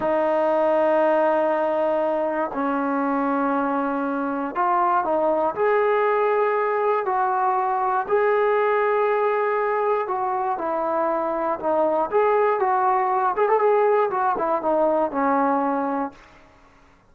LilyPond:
\new Staff \with { instrumentName = "trombone" } { \time 4/4 \tempo 4 = 119 dis'1~ | dis'4 cis'2.~ | cis'4 f'4 dis'4 gis'4~ | gis'2 fis'2 |
gis'1 | fis'4 e'2 dis'4 | gis'4 fis'4. gis'16 a'16 gis'4 | fis'8 e'8 dis'4 cis'2 | }